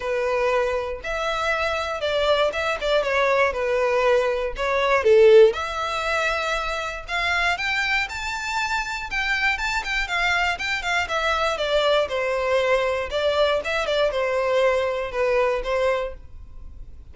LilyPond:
\new Staff \with { instrumentName = "violin" } { \time 4/4 \tempo 4 = 119 b'2 e''2 | d''4 e''8 d''8 cis''4 b'4~ | b'4 cis''4 a'4 e''4~ | e''2 f''4 g''4 |
a''2 g''4 a''8 g''8 | f''4 g''8 f''8 e''4 d''4 | c''2 d''4 e''8 d''8 | c''2 b'4 c''4 | }